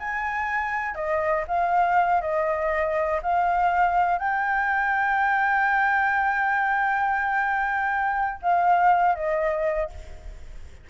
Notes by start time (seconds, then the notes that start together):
0.00 G#5
0.95 D#5
1.48 F5
2.21 D#5
3.23 F5
4.19 G5
8.42 F5
9.16 D#5